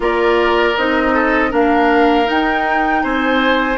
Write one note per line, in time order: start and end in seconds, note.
0.00 0.73 A#3
0.00 0.74 F4
0.00 1.13 A#4
0.00 0.77 D5
0.77 1.52 C4
0.77 1.49 D#4
0.77 1.53 D#5
1.13 1.50 A4
1.49 2.28 A#3
1.49 2.24 D4
1.49 3.02 A#4
1.49 2.29 F5
2.24 3.76 D#4
2.24 3.04 D#4
2.24 3.03 G5
3.03 3.77 C4
3.03 3.77 C5
3.03 3.77 G#5